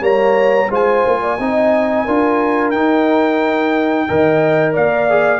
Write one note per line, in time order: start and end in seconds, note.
0.00 0.68 G3
0.00 0.67 A#3
0.00 0.69 C#5
0.00 0.71 A#5
0.70 1.04 G#3
0.70 1.38 F4
0.70 1.21 C5
0.70 2.71 G#5
1.06 1.39 A#3
1.22 1.39 D5
1.39 2.07 C4
1.39 2.08 D#4
1.39 2.05 D#5
2.05 2.72 D4
2.05 2.75 F4
2.05 4.07 A#4
2.71 4.07 D#4
2.71 4.08 D#4
2.71 4.73 G5
4.08 4.76 D#3
4.08 5.09 A#4
4.08 4.73 D#5
4.73 5.40 A#3
4.73 5.40 D5
4.73 5.40 F5
5.09 5.40 G#4